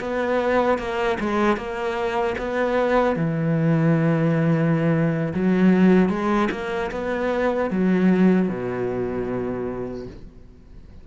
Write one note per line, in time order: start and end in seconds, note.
0.00 0.79 B3
0.79 1.18 A#3
1.20 1.56 G#3
1.56 2.35 A#3
2.38 3.16 B3
3.16 5.33 E3
5.34 6.09 F#3
6.09 6.48 G#3
6.51 6.91 A#3
6.91 7.70 B3
7.70 8.49 F#3
8.49 10.07 B2